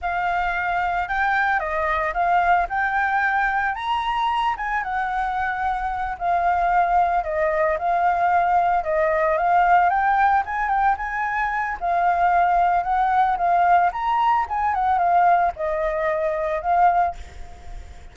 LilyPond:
\new Staff \with { instrumentName = "flute" } { \time 4/4 \tempo 4 = 112 f''2 g''4 dis''4 | f''4 g''2 ais''4~ | ais''8 gis''8 fis''2~ fis''8 f''8~ | f''4. dis''4 f''4.~ |
f''8 dis''4 f''4 g''4 gis''8 | g''8 gis''4. f''2 | fis''4 f''4 ais''4 gis''8 fis''8 | f''4 dis''2 f''4 | }